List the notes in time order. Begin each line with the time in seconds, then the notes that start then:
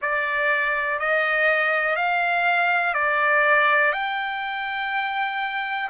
0.01 D5
0.99 D#5
1.96 F5
2.94 D5
3.92 G5